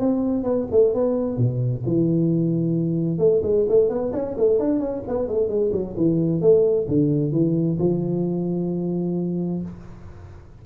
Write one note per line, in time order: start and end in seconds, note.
0.00 0.44 C4
0.44 0.67 B3
0.71 0.94 A3
0.94 1.38 B3
1.38 1.84 B2
1.86 3.19 E3
3.19 3.42 A3
3.43 3.66 G#3
3.69 3.90 A3
3.90 4.13 B3
4.13 4.36 C#4
4.37 4.60 A3
4.60 4.80 D4
4.80 5.03 C#4
5.08 5.28 B3
5.28 5.49 A3
5.49 5.72 G#3
5.73 5.96 F#3
5.97 6.41 E3
6.41 6.87 A3
6.88 7.33 D3
7.33 7.78 E3
7.79 9.62 F3